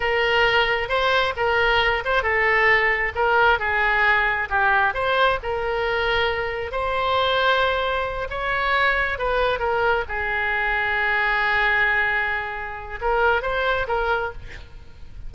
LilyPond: \new Staff \with { instrumentName = "oboe" } { \time 4/4 \tempo 4 = 134 ais'2 c''4 ais'4~ | ais'8 c''8 a'2 ais'4 | gis'2 g'4 c''4 | ais'2. c''4~ |
c''2~ c''8 cis''4.~ | cis''8 b'4 ais'4 gis'4.~ | gis'1~ | gis'4 ais'4 c''4 ais'4 | }